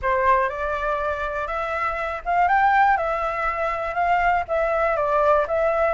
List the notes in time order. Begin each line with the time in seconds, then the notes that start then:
0.02 C5
0.49 D5
1.47 E5
2.25 F5
2.47 G5
2.97 E5
3.94 F5
4.48 E5
4.96 D5
5.47 E5